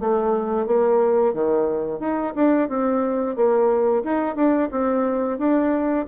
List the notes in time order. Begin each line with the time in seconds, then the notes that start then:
0.00 A3
0.66 A#3
1.34 D#3
2.00 D#4
2.35 D4
2.69 C4
3.36 A#3
4.04 D#4
4.35 D4
4.71 C4
5.38 D4